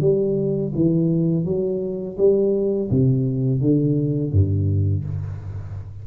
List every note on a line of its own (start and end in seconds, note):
0.00 0.72 G3
0.74 1.44 E3
1.44 2.17 F#3
2.17 2.89 G3
2.90 3.60 C3
3.60 4.32 D3
4.32 5.04 G2